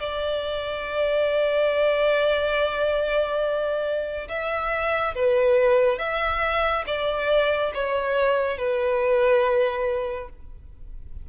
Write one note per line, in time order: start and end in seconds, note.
0.00 4.29 D5
4.29 5.15 E5
5.15 5.99 B4
5.99 6.85 E5
6.87 7.73 D5
7.75 8.58 C#5
8.58 10.30 B4